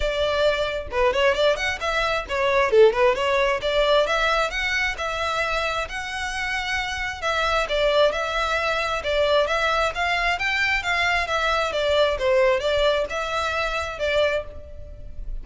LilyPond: \new Staff \with { instrumentName = "violin" } { \time 4/4 \tempo 4 = 133 d''2 b'8 cis''8 d''8 fis''8 | e''4 cis''4 a'8 b'8 cis''4 | d''4 e''4 fis''4 e''4~ | e''4 fis''2. |
e''4 d''4 e''2 | d''4 e''4 f''4 g''4 | f''4 e''4 d''4 c''4 | d''4 e''2 d''4 | }